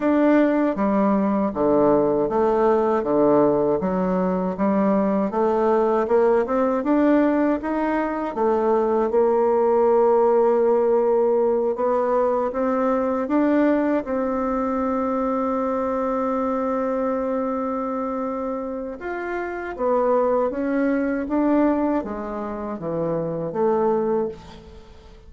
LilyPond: \new Staff \with { instrumentName = "bassoon" } { \time 4/4 \tempo 4 = 79 d'4 g4 d4 a4 | d4 fis4 g4 a4 | ais8 c'8 d'4 dis'4 a4 | ais2.~ ais8 b8~ |
b8 c'4 d'4 c'4.~ | c'1~ | c'4 f'4 b4 cis'4 | d'4 gis4 e4 a4 | }